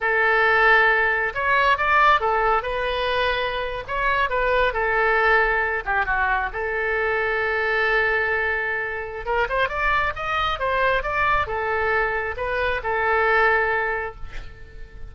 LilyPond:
\new Staff \with { instrumentName = "oboe" } { \time 4/4 \tempo 4 = 136 a'2. cis''4 | d''4 a'4 b'2~ | b'8. cis''4 b'4 a'4~ a'16~ | a'4~ a'16 g'8 fis'4 a'4~ a'16~ |
a'1~ | a'4 ais'8 c''8 d''4 dis''4 | c''4 d''4 a'2 | b'4 a'2. | }